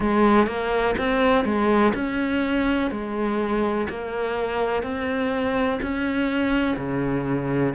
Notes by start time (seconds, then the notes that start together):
0.00 G#3
0.47 A#3
0.98 C4
1.45 G#3
1.94 C#4
2.90 G#3
3.89 A#3
4.82 C4
5.82 C#4
6.77 C#3